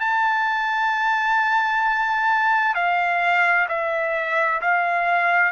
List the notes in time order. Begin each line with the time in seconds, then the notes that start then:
0.00 A5
2.75 F5
3.68 E5
4.61 F5